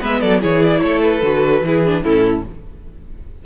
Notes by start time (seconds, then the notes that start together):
0.00 G#3 B3 B4 E5
0.20 F#3 A4 D5
0.41 E3 E4 G#4 C#5
0.63 D5
0.81 A3 A4 C#5
1.02 B4
1.22 D3 F#4
1.61 E3 E4 G#4
1.85 D4
2.02 A2 C#4 E4 A4